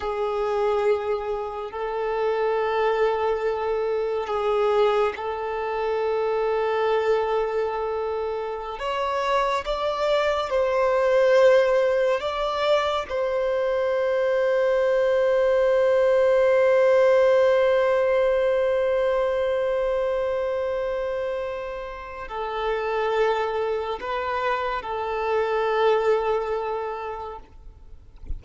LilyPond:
\new Staff \with { instrumentName = "violin" } { \time 4/4 \tempo 4 = 70 gis'2 a'2~ | a'4 gis'4 a'2~ | a'2~ a'16 cis''4 d''8.~ | d''16 c''2 d''4 c''8.~ |
c''1~ | c''1~ | c''2 a'2 | b'4 a'2. | }